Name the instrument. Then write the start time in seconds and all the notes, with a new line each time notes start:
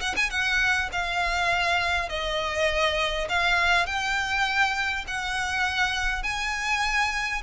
violin
0.00 F#5
0.16 G#5
0.30 F#5
0.92 F5
2.09 D#5
3.29 F5
3.86 G5
5.07 F#5
6.23 G#5